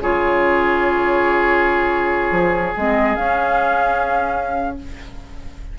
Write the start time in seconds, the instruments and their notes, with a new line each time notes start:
0.00 bassoon C#3, clarinet F4, oboe G#4, flute C#5
2.32 bassoon F3
2.77 bassoon G#3, clarinet C4, flute D#5
3.16 bassoon C#4, clarinet C#4, flute F5